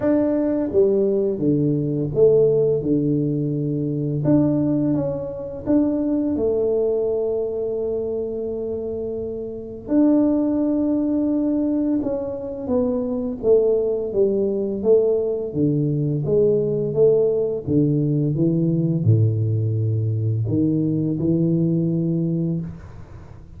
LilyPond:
\new Staff \with { instrumentName = "tuba" } { \time 4/4 \tempo 4 = 85 d'4 g4 d4 a4 | d2 d'4 cis'4 | d'4 a2.~ | a2 d'2~ |
d'4 cis'4 b4 a4 | g4 a4 d4 gis4 | a4 d4 e4 a,4~ | a,4 dis4 e2 | }